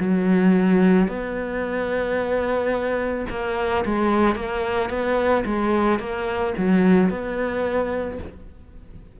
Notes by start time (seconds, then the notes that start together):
0.00 F#3
1.09 B3
3.30 A#3
3.85 G#3
4.36 A#3
4.90 B3
5.46 G#3
6.00 A#3
6.58 F#3
7.10 B3